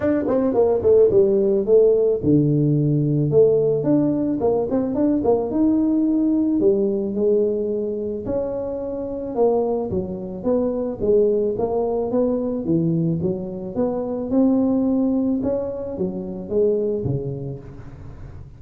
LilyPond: \new Staff \with { instrumentName = "tuba" } { \time 4/4 \tempo 4 = 109 d'8 c'8 ais8 a8 g4 a4 | d2 a4 d'4 | ais8 c'8 d'8 ais8 dis'2 | g4 gis2 cis'4~ |
cis'4 ais4 fis4 b4 | gis4 ais4 b4 e4 | fis4 b4 c'2 | cis'4 fis4 gis4 cis4 | }